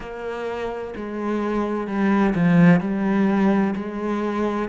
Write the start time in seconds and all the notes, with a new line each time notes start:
0.00 A#3
0.96 G#3
1.87 G3
2.34 F3
2.80 G3
3.75 G#3